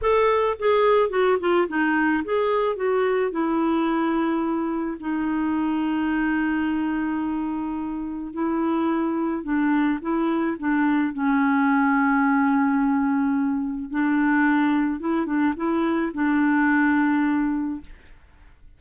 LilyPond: \new Staff \with { instrumentName = "clarinet" } { \time 4/4 \tempo 4 = 108 a'4 gis'4 fis'8 f'8 dis'4 | gis'4 fis'4 e'2~ | e'4 dis'2.~ | dis'2. e'4~ |
e'4 d'4 e'4 d'4 | cis'1~ | cis'4 d'2 e'8 d'8 | e'4 d'2. | }